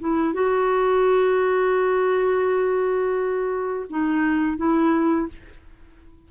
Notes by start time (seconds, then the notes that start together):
0.00 E4
0.34 F#4
3.90 D#4
4.58 E4